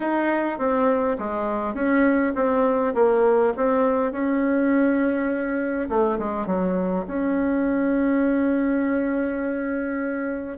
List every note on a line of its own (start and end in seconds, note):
0.00 0.58 D#4
0.58 1.17 C4
1.18 1.74 G#3
1.74 2.33 C#4
2.35 2.94 C4
2.94 3.53 A#3
3.56 4.12 C4
4.12 5.88 C#4
5.89 6.18 A3
6.18 6.46 G#3
6.46 7.05 F#3
7.07 10.57 C#4